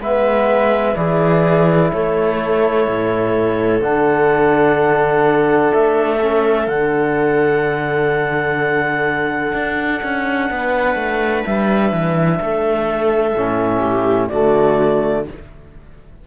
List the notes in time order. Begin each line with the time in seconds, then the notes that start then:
0.00 G#3 B3 B4 E5
0.94 E3 E4 G#4 D5
1.93 A3 A4 C#5
2.88 A2
3.81 D3 D4 F#5
5.73 A3 E5
6.21 C#4
6.67 D3 D4 F#5
9.54 D4
10.03 C#4
10.50 B3 B4
10.96 A3
11.45 G3 E5
11.92 E3
12.41 A3 A4
13.35 A2 C#4
13.80 G4
14.29 D3 A3 F#4 D5